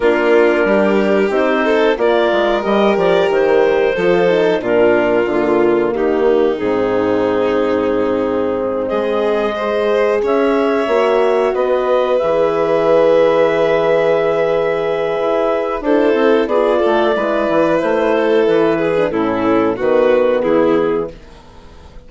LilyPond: <<
  \new Staff \with { instrumentName = "clarinet" } { \time 4/4 \tempo 4 = 91 ais'2 c''4 d''4 | dis''8 d''8 c''2 ais'4 | f'4 g'4 gis'2~ | gis'4. dis''2 e''8~ |
e''4. dis''4 e''4.~ | e''1 | c''4 d''2 c''4 | b'4 a'4 b'4 gis'4 | }
  \new Staff \with { instrumentName = "violin" } { \time 4/4 f'4 g'4. a'8 ais'4~ | ais'2 a'4 f'4~ | f'4 dis'2.~ | dis'4. gis'4 c''4 cis''8~ |
cis''4. b'2~ b'8~ | b'1 | a'4 gis'8 a'8 b'4. a'8~ | a'8 gis'8 e'4 fis'4 e'4 | }
  \new Staff \with { instrumentName = "horn" } { \time 4/4 d'2 dis'4 f'4 | g'2 f'8 dis'8 d'4 | ais2 c'2~ | c'2~ c'8 gis'4.~ |
gis'8 fis'2 gis'4.~ | gis'1 | e'4 f'4 e'2~ | e'8. d'16 cis'4 b2 | }
  \new Staff \with { instrumentName = "bassoon" } { \time 4/4 ais4 g4 c'4 ais8 gis8 | g8 f8 dis4 f4 ais,4 | d4 dis4 gis,2~ | gis,4. gis2 cis'8~ |
cis'8 ais4 b4 e4.~ | e2. e'4 | d'8 c'8 b8 a8 gis8 e8 a4 | e4 a,4 dis4 e4 | }
>>